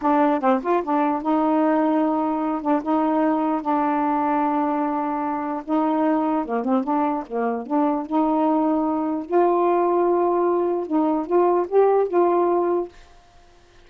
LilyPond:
\new Staff \with { instrumentName = "saxophone" } { \time 4/4 \tempo 4 = 149 d'4 c'8 f'8 d'4 dis'4~ | dis'2~ dis'8 d'8 dis'4~ | dis'4 d'2.~ | d'2 dis'2 |
ais8 c'8 d'4 ais4 d'4 | dis'2. f'4~ | f'2. dis'4 | f'4 g'4 f'2 | }